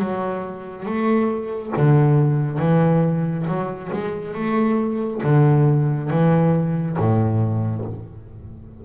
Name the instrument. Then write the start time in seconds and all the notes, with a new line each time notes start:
double bass
0.00 F#3
0.86 A3
1.77 D3
2.59 E3
3.48 F#3
3.93 G#3
4.35 A3
5.23 D3
6.11 E3
6.99 A2